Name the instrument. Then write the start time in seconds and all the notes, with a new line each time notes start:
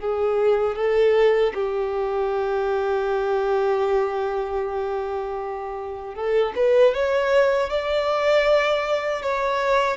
violin
0.00 G#4
0.76 A4
1.54 G4
6.14 A4
6.56 B4
6.94 C#5
7.70 D5
9.22 C#5